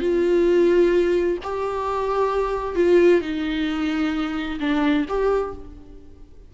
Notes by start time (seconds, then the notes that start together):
0.00 F4
1.43 G4
2.75 F4
3.21 D#4
4.60 D4
5.08 G4